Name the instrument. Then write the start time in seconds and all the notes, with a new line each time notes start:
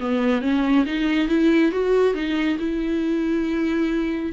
viola
0.00 B3
0.42 C#4
0.86 D#4
1.28 E4
1.72 F#4
2.14 D#4
2.59 E4